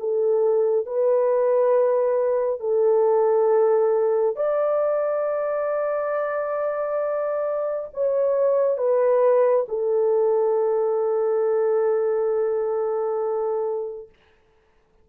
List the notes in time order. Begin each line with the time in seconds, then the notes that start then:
0.00 A4
0.86 B4
2.60 A4
4.36 D5
7.94 C#5
8.78 B4
9.69 A4